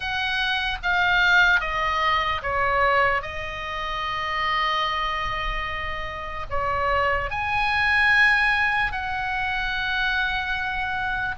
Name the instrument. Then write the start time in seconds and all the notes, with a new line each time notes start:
oboe
0.00 F#5
0.82 F5
1.60 D#5
2.42 C#5
3.22 D#5
6.50 C#5
7.30 G#5
8.92 F#5